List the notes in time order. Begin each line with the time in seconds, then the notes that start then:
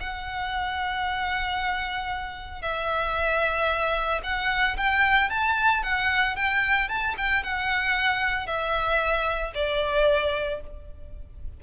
0.00 F#5
2.61 E5
4.23 F#5
4.77 G5
5.30 A5
5.83 F#5
6.35 G5
6.88 A5
7.17 G5
7.43 F#5
8.46 E5
9.54 D5